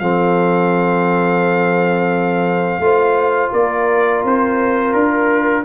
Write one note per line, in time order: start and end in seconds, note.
0.00 2.79 F3
0.00 2.82 C4
0.00 2.82 A4
0.00 3.53 F5
2.79 3.50 A3
2.79 5.64 F4
2.79 3.53 C5
3.53 4.23 A#3
3.53 5.64 A#4
3.53 4.24 D5
4.24 4.94 C4
4.24 4.94 C5
4.94 5.64 D4
4.94 5.64 A#4